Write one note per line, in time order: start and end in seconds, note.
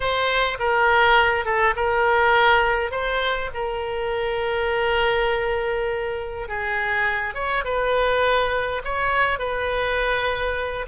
0.00 0.57 C5
0.59 1.45 A#4
1.45 1.74 A4
1.75 2.91 A#4
2.91 3.49 C5
3.54 6.48 A#4
6.48 7.34 G#4
7.34 7.63 C#5
7.64 8.82 B4
8.84 9.39 C#5
9.39 10.86 B4